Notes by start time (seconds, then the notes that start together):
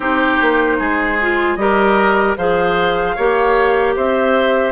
0.00 C4 D#4 G4 C5
0.41 A#3
0.79 G#3 G#4
1.21 F4
1.55 G3 G4 A#4 D#5
2.37 F3 G#4 C5 F5
3.15 A#3 G4 C#5
3.95 C4 C5 E5